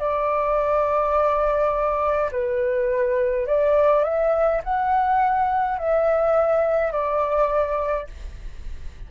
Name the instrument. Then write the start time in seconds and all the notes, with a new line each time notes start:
flute
0.00 D5
2.32 B4
3.47 D5
4.04 E5
4.65 F#5
5.78 E5
6.92 D5